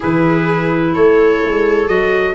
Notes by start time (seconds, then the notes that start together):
0.00 E3 E4 G#4 B4
0.94 A3 A4 C#5
1.43 G#3
1.87 F#3 F#4 D#5